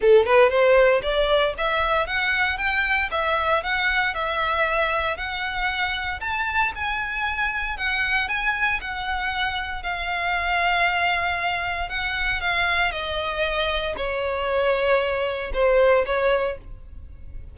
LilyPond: \new Staff \with { instrumentName = "violin" } { \time 4/4 \tempo 4 = 116 a'8 b'8 c''4 d''4 e''4 | fis''4 g''4 e''4 fis''4 | e''2 fis''2 | a''4 gis''2 fis''4 |
gis''4 fis''2 f''4~ | f''2. fis''4 | f''4 dis''2 cis''4~ | cis''2 c''4 cis''4 | }